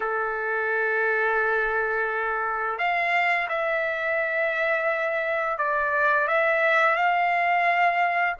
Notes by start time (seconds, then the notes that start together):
0.00 A4
2.78 F5
3.49 E5
5.58 D5
6.27 E5
6.95 F5